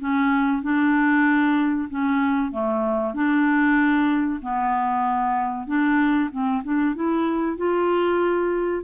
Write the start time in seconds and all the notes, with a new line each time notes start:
0.00 C#4
0.63 D4
1.90 C#4
2.52 A3
3.14 D4
4.42 B3
5.67 D4
6.32 C4
6.64 D4
6.96 E4
7.58 F4